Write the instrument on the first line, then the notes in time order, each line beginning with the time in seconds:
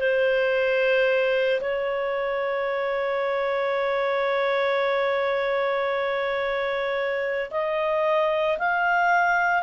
clarinet
0.00 C5
1.61 C#5
7.51 D#5
8.59 F5